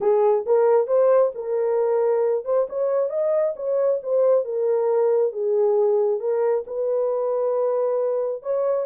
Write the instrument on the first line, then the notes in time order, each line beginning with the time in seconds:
horn
0.00 G#4
0.46 A#4
0.87 C5
1.34 A#4
2.44 C5
2.69 C#5
3.09 D#5
3.56 C#5
4.02 C5
4.44 A#4
5.32 G#4
6.20 A#4
6.67 B4
8.42 C#5